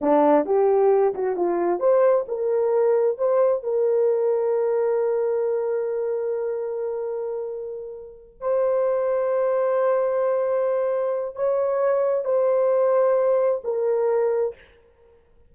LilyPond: \new Staff \with { instrumentName = "horn" } { \time 4/4 \tempo 4 = 132 d'4 g'4. fis'8 f'4 | c''4 ais'2 c''4 | ais'1~ | ais'1~ |
ais'2~ ais'8 c''4.~ | c''1~ | c''4 cis''2 c''4~ | c''2 ais'2 | }